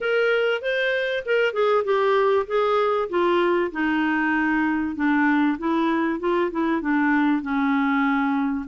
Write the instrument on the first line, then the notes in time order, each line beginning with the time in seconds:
clarinet
0.01 A#4
0.61 C5
1.25 A#4
1.53 G#4
1.84 G4
2.47 G#4
3.09 F4
3.71 D#4
4.95 D4
5.58 E4
6.19 F4
6.51 E4
6.81 D4
7.41 C#4